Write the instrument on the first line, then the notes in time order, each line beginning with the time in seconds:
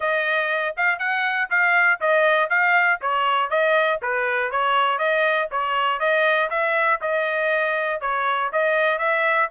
trumpet
0.00 D#5
0.77 F5
0.99 F#5
1.50 F5
2.00 D#5
2.49 F5
3.01 C#5
3.50 D#5
4.02 B4
4.51 C#5
4.98 D#5
5.51 C#5
5.99 D#5
6.50 E5
7.01 D#5
8.00 C#5
8.52 D#5
8.98 E5